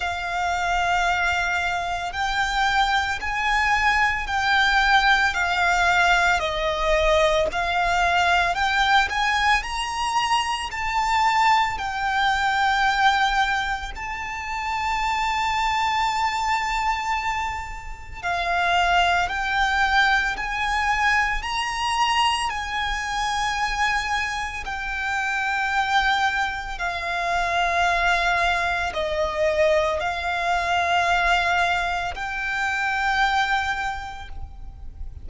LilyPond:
\new Staff \with { instrumentName = "violin" } { \time 4/4 \tempo 4 = 56 f''2 g''4 gis''4 | g''4 f''4 dis''4 f''4 | g''8 gis''8 ais''4 a''4 g''4~ | g''4 a''2.~ |
a''4 f''4 g''4 gis''4 | ais''4 gis''2 g''4~ | g''4 f''2 dis''4 | f''2 g''2 | }